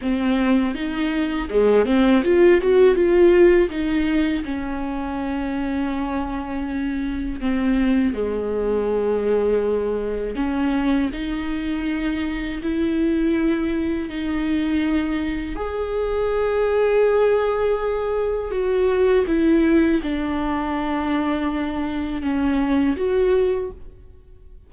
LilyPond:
\new Staff \with { instrumentName = "viola" } { \time 4/4 \tempo 4 = 81 c'4 dis'4 gis8 c'8 f'8 fis'8 | f'4 dis'4 cis'2~ | cis'2 c'4 gis4~ | gis2 cis'4 dis'4~ |
dis'4 e'2 dis'4~ | dis'4 gis'2.~ | gis'4 fis'4 e'4 d'4~ | d'2 cis'4 fis'4 | }